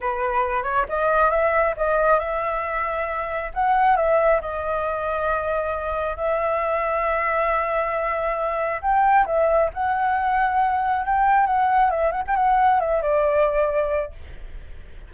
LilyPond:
\new Staff \with { instrumentName = "flute" } { \time 4/4 \tempo 4 = 136 b'4. cis''8 dis''4 e''4 | dis''4 e''2. | fis''4 e''4 dis''2~ | dis''2 e''2~ |
e''1 | g''4 e''4 fis''2~ | fis''4 g''4 fis''4 e''8 fis''16 g''16 | fis''4 e''8 d''2~ d''8 | }